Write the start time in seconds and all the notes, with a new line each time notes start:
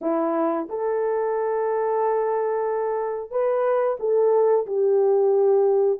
0.01 E4
0.68 A4
3.30 B4
3.99 A4
4.66 G4